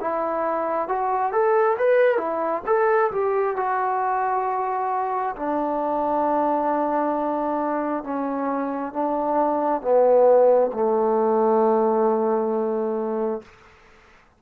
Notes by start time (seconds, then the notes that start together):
0.00 E4
0.88 F#4
1.32 A4
1.78 B4
2.17 E4
2.66 A4
3.11 G4
3.56 F#4
5.36 D4
8.04 C#4
8.93 D4
9.81 B3
10.73 A3